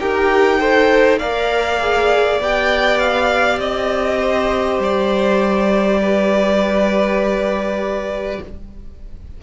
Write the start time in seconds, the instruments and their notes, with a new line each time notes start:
0.00 cello D#4, viola G4, violin A#4 G5
0.59 viola A4, violin C5
1.19 cello A#3, viola A#4, violin D5 F5
1.80 viola G#4
2.40 cello B3, viola G4, violin G5
2.99 violin F5
3.59 cello C4, violin D#5
4.20 violin C5
4.79 cello G3, violin D5
6.01 violin B4